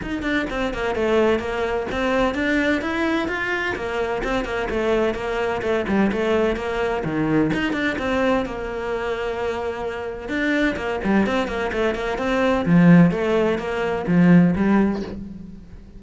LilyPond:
\new Staff \with { instrumentName = "cello" } { \time 4/4 \tempo 4 = 128 dis'8 d'8 c'8 ais8 a4 ais4 | c'4 d'4 e'4 f'4 | ais4 c'8 ais8 a4 ais4 | a8 g8 a4 ais4 dis4 |
dis'8 d'8 c'4 ais2~ | ais2 d'4 ais8 g8 | c'8 ais8 a8 ais8 c'4 f4 | a4 ais4 f4 g4 | }